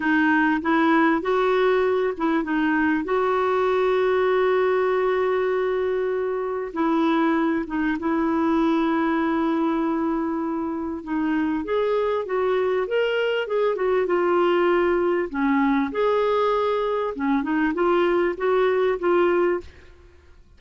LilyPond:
\new Staff \with { instrumentName = "clarinet" } { \time 4/4 \tempo 4 = 98 dis'4 e'4 fis'4. e'8 | dis'4 fis'2.~ | fis'2. e'4~ | e'8 dis'8 e'2.~ |
e'2 dis'4 gis'4 | fis'4 ais'4 gis'8 fis'8 f'4~ | f'4 cis'4 gis'2 | cis'8 dis'8 f'4 fis'4 f'4 | }